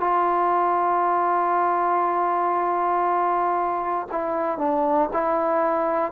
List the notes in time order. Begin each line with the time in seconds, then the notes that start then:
0.00 F4
4.11 E4
4.58 D4
5.13 E4